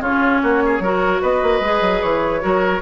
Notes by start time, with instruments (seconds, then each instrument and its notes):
0.00 bassoon C#3, clarinet C#4, oboe F4, flute C#5
0.43 bassoon A#3, oboe F#4
0.65 oboe G#4
0.80 bassoon F#3, clarinet F#4, oboe A#4
1.21 bassoon B3, oboe B4, flute D#5
1.42 bassoon A#3
1.60 bassoon G#3, clarinet G#4
1.81 bassoon F#3
2.02 bassoon E3, flute C#5
2.41 bassoon F#3, clarinet F#4, oboe A#4